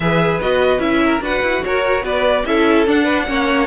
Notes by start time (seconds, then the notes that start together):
0.00 E3 G#4 B4 E5
0.41 B3 F#4 D#5
0.78 C#4 E4 E5
1.04 A#4
1.20 D4 F#4 B4 F#5
1.41 E4
1.64 F#4 A#4 C#5
2.03 B3 B4 D5
2.45 C#4 E4 A4 E5
2.86 D4 F#5
3.04 B4
3.26 A#3 C#4 C#5